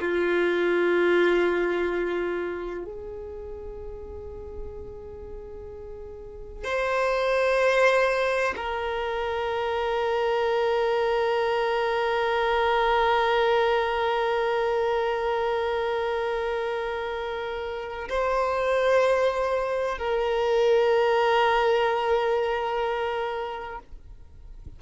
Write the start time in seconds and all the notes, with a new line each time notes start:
0.00 F4
2.85 G#4
6.65 C5
8.57 A#4
18.09 C5
19.99 A#4